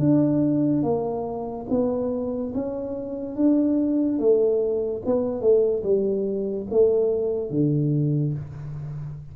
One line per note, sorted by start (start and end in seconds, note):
0.00 0.83 D4
0.83 1.67 A#3
1.70 2.54 B3
2.55 3.36 C#4
3.36 4.19 D4
4.19 5.03 A3
5.06 5.42 B3
5.42 5.83 A3
5.84 6.67 G3
6.71 7.50 A3
7.50 8.34 D3